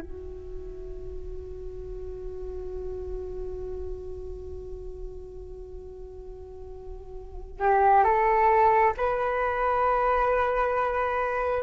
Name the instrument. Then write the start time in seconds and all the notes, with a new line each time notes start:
flute
0.00 F#4
7.59 G4
8.04 A4
8.97 B4